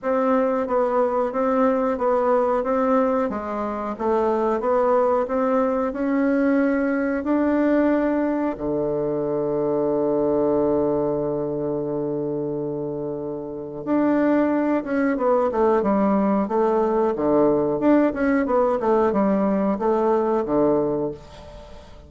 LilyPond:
\new Staff \with { instrumentName = "bassoon" } { \time 4/4 \tempo 4 = 91 c'4 b4 c'4 b4 | c'4 gis4 a4 b4 | c'4 cis'2 d'4~ | d'4 d2.~ |
d1~ | d4 d'4. cis'8 b8 a8 | g4 a4 d4 d'8 cis'8 | b8 a8 g4 a4 d4 | }